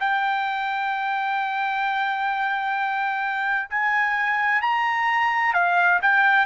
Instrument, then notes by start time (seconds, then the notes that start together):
trumpet
0.00 G5
3.70 G#5
4.62 A#5
5.53 F5
6.02 G5